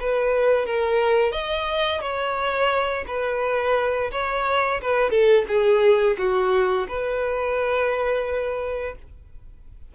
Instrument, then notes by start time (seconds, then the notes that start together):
violin
0.00 B4
0.66 A#4
1.32 D#5
2.01 C#5
3.07 B4
4.12 C#5
4.81 B4
5.10 A4
5.48 G#4
6.18 F#4
6.88 B4